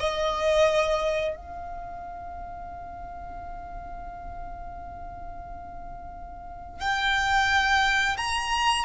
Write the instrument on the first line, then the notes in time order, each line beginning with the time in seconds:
violin
0.00 D#5
1.36 F5
6.80 G5
8.17 A#5